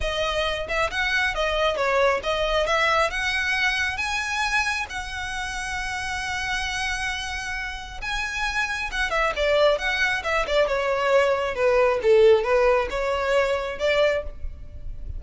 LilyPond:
\new Staff \with { instrumentName = "violin" } { \time 4/4 \tempo 4 = 135 dis''4. e''8 fis''4 dis''4 | cis''4 dis''4 e''4 fis''4~ | fis''4 gis''2 fis''4~ | fis''1~ |
fis''2 gis''2 | fis''8 e''8 d''4 fis''4 e''8 d''8 | cis''2 b'4 a'4 | b'4 cis''2 d''4 | }